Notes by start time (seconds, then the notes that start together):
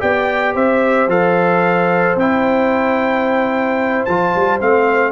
0.00 B3 G4 D5 G5
0.55 C4 C5 E5
1.08 F3 A4 F5
2.16 C4 E4 G5
4.05 F3 F4 A5
4.35 G3
4.60 A3 C4 F5